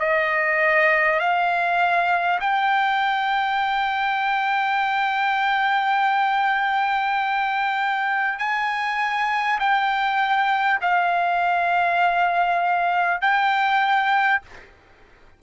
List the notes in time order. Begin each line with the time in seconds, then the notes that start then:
0.00 D#5
1.20 F5
2.41 G5
8.39 G#5
9.60 G5
10.82 F5
13.22 G5